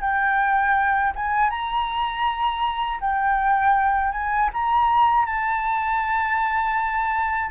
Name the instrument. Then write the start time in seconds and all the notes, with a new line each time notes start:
flute
0.00 G5
1.15 G#5
1.49 A#5
3.00 G5
4.12 G#5
4.53 A#5
5.25 A5